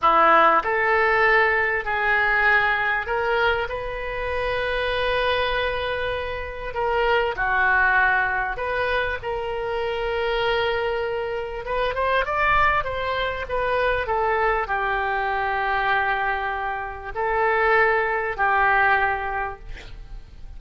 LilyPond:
\new Staff \with { instrumentName = "oboe" } { \time 4/4 \tempo 4 = 98 e'4 a'2 gis'4~ | gis'4 ais'4 b'2~ | b'2. ais'4 | fis'2 b'4 ais'4~ |
ais'2. b'8 c''8 | d''4 c''4 b'4 a'4 | g'1 | a'2 g'2 | }